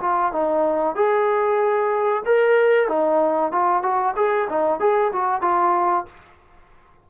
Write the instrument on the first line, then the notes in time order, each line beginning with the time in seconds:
trombone
0.00 F4
0.32 D#4
0.95 G#4
2.25 A#4
2.88 D#4
3.51 F4
3.82 F#4
4.16 G#4
4.49 D#4
4.80 G#4
5.12 F#4
5.41 F4